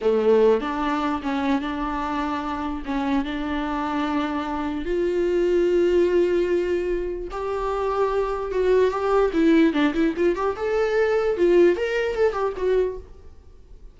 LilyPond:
\new Staff \with { instrumentName = "viola" } { \time 4/4 \tempo 4 = 148 a4. d'4. cis'4 | d'2. cis'4 | d'1 | f'1~ |
f'2 g'2~ | g'4 fis'4 g'4 e'4 | d'8 e'8 f'8 g'8 a'2 | f'4 ais'4 a'8 g'8 fis'4 | }